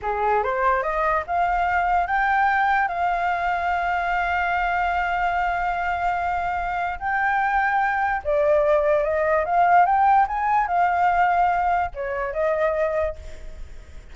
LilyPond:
\new Staff \with { instrumentName = "flute" } { \time 4/4 \tempo 4 = 146 gis'4 c''4 dis''4 f''4~ | f''4 g''2 f''4~ | f''1~ | f''1~ |
f''4 g''2. | d''2 dis''4 f''4 | g''4 gis''4 f''2~ | f''4 cis''4 dis''2 | }